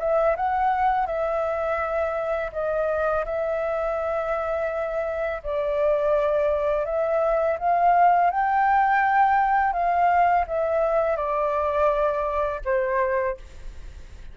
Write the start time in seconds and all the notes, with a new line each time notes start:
0.00 E5
0.37 F#5
1.07 E5
2.53 D#5
3.26 E5
5.43 D5
6.86 E5
7.59 F5
8.31 G5
9.73 F5
10.48 E5
11.17 D5
12.65 C5